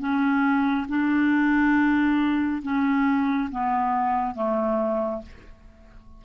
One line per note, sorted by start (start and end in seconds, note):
0.00 0.87 C#4
0.89 2.62 D4
2.63 3.50 C#4
3.51 4.35 B3
4.35 5.22 A3